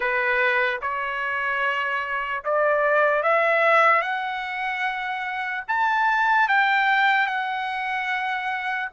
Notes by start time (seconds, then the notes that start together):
0.00 B4
0.81 C#5
2.44 D5
3.22 E5
4.01 F#5
5.68 A5
6.48 G5
7.26 F#5